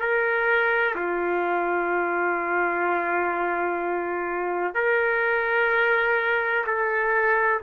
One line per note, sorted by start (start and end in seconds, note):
0.00 0.95 A#4
0.96 4.75 F4
4.75 6.65 A#4
6.67 7.62 A4